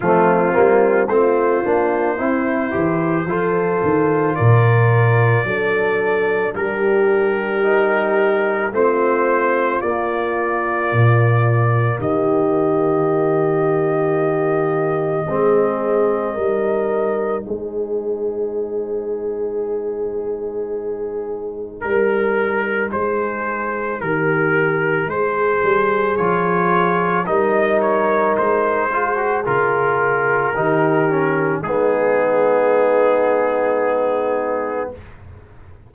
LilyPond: <<
  \new Staff \with { instrumentName = "trumpet" } { \time 4/4 \tempo 4 = 55 f'4 c''2. | d''2 ais'2 | c''4 d''2 dis''4~ | dis''1 |
c''1 | ais'4 c''4 ais'4 c''4 | cis''4 dis''8 cis''8 c''4 ais'4~ | ais'4 gis'2. | }
  \new Staff \with { instrumentName = "horn" } { \time 4/4 c'4 f'4 e'4 a'4 | ais'4 a'4 g'2 | f'2. g'4~ | g'2 gis'4 ais'4 |
gis'1 | ais'4 gis'4 g'4 gis'4~ | gis'4 ais'4. gis'4. | g'4 dis'2. | }
  \new Staff \with { instrumentName = "trombone" } { \time 4/4 a8 ais8 c'8 d'8 e'8 g'8 f'4~ | f'4 d'2 dis'4 | c'4 ais2.~ | ais2 c'4 dis'4~ |
dis'1~ | dis'1 | f'4 dis'4. f'16 fis'16 f'4 | dis'8 cis'8 b2. | }
  \new Staff \with { instrumentName = "tuba" } { \time 4/4 f8 g8 a8 ais8 c'8 e8 f8 dis8 | ais,4 fis4 g2 | a4 ais4 ais,4 dis4~ | dis2 gis4 g4 |
gis1 | g4 gis4 dis4 gis8 g8 | f4 g4 gis4 cis4 | dis4 gis2. | }
>>